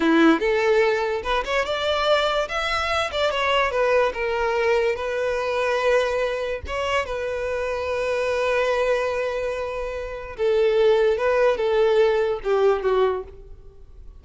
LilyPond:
\new Staff \with { instrumentName = "violin" } { \time 4/4 \tempo 4 = 145 e'4 a'2 b'8 cis''8 | d''2 e''4. d''8 | cis''4 b'4 ais'2 | b'1 |
cis''4 b'2.~ | b'1~ | b'4 a'2 b'4 | a'2 g'4 fis'4 | }